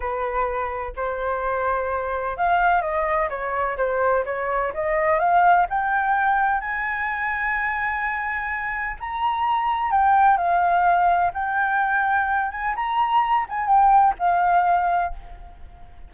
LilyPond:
\new Staff \with { instrumentName = "flute" } { \time 4/4 \tempo 4 = 127 b'2 c''2~ | c''4 f''4 dis''4 cis''4 | c''4 cis''4 dis''4 f''4 | g''2 gis''2~ |
gis''2. ais''4~ | ais''4 g''4 f''2 | g''2~ g''8 gis''8 ais''4~ | ais''8 gis''8 g''4 f''2 | }